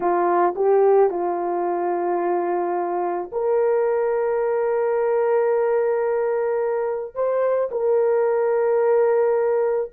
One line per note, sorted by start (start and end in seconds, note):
0.00 0.54 F4
0.55 1.10 G4
1.10 3.30 F4
3.32 7.14 A#4
7.14 7.69 C5
7.71 9.91 A#4